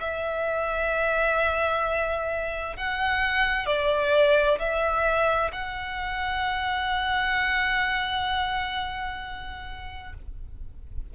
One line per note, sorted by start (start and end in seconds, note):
0.00 2.76 E5
2.76 3.66 F#5
3.66 4.58 D5
4.59 5.51 E5
5.52 10.13 F#5